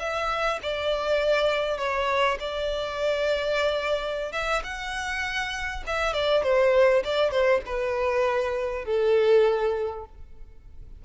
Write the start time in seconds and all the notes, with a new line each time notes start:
0.00 E5
0.63 D5
1.78 C#5
2.40 D5
4.33 E5
4.64 F#5
5.87 E5
6.14 D5
6.43 C5
7.05 D5
7.31 C5
7.66 B4
8.86 A4